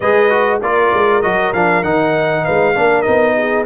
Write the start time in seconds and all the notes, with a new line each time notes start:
0.00 G#3 G#4 B4 D#5
0.29 F#4
0.61 A#3 F4 A#4 D5
0.94 G#3
1.22 F#3 F#4 D#5
1.53 F3 D4 F5
1.83 D#3 D#4 F#5
2.43 G#3 B4 F5
2.74 A#3 D4 A#4
3.02 B3 D#4 D#5
3.36 G#4